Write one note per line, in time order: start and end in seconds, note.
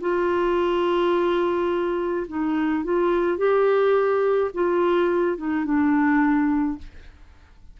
0.00 2.26 F4
2.27 2.84 D#4
2.84 3.37 F4
3.37 4.50 G4
4.54 5.37 F4
5.37 5.64 D#4
5.64 6.78 D4